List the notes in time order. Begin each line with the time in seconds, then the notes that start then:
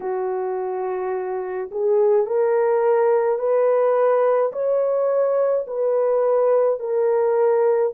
0.00 F#4
1.71 G#4
2.26 A#4
3.38 B4
4.52 C#5
5.67 B4
6.79 A#4